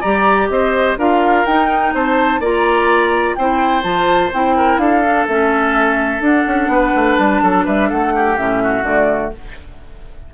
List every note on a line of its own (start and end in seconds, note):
0.00 0.49 G3
0.00 0.98 G4
0.00 0.48 D5
0.00 0.49 A#5
0.49 0.97 C4
0.49 0.98 C5
0.49 0.97 D#5
0.97 1.45 D4
0.97 1.46 F4
0.97 1.93 A#4
0.97 1.45 F5
1.45 1.93 D#4
1.45 2.42 D#4
1.45 1.93 G5
1.93 2.39 C4
1.93 2.40 C5
1.93 2.43 A5
2.39 3.35 A#3
2.39 3.37 F4
2.39 3.36 D5
2.39 3.34 A#5
3.34 3.83 C4
3.34 3.82 E4
3.34 4.57 C5
3.34 3.82 G5
3.82 4.31 F3
3.82 4.30 F4
3.82 4.31 A5
4.33 4.77 C4
4.33 5.04 E4
4.33 4.78 G5
4.57 4.80 A#4
4.77 5.25 D4
4.77 6.71 A4
4.77 5.26 F5
5.04 5.27 D4
5.27 6.20 A3
5.27 6.21 C#4
5.27 6.23 E5
6.20 6.44 D4
6.20 8.35 D4
6.20 7.17 F#5
6.47 6.68 C#4
6.68 6.92 B3
6.68 7.43 B4
6.95 7.18 A3
7.17 7.42 G3
7.17 7.64 A5
7.42 7.66 F#3
7.42 7.64 A4
7.64 7.90 G3
7.64 7.88 B4
7.64 7.90 E5
7.88 8.38 A3
7.88 8.12 A4
7.88 8.38 F#5
8.15 8.62 G4
8.37 8.83 A2
8.37 8.84 C#4
8.37 8.85 E5
8.62 9.34 F#4
8.83 9.30 D3
8.83 9.32 A3
8.83 9.32 D5